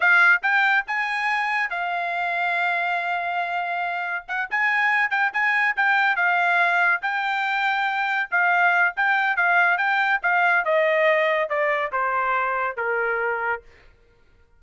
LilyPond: \new Staff \with { instrumentName = "trumpet" } { \time 4/4 \tempo 4 = 141 f''4 g''4 gis''2 | f''1~ | f''2 fis''8 gis''4. | g''8 gis''4 g''4 f''4.~ |
f''8 g''2. f''8~ | f''4 g''4 f''4 g''4 | f''4 dis''2 d''4 | c''2 ais'2 | }